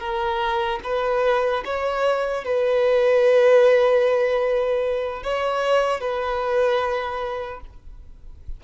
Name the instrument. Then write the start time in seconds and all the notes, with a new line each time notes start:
violin
0.00 A#4
0.84 B4
1.65 C#5
2.45 B4
5.24 C#5
6.00 B4